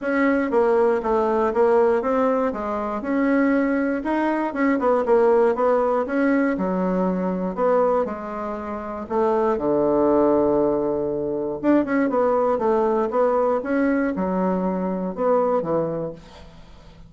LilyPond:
\new Staff \with { instrumentName = "bassoon" } { \time 4/4 \tempo 4 = 119 cis'4 ais4 a4 ais4 | c'4 gis4 cis'2 | dis'4 cis'8 b8 ais4 b4 | cis'4 fis2 b4 |
gis2 a4 d4~ | d2. d'8 cis'8 | b4 a4 b4 cis'4 | fis2 b4 e4 | }